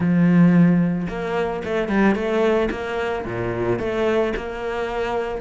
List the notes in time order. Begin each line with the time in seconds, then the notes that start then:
0.00 F3
1.08 A#3
1.64 A3
1.88 G3
2.15 A3
2.71 A#3
3.25 A#2
3.79 A3
4.36 A#3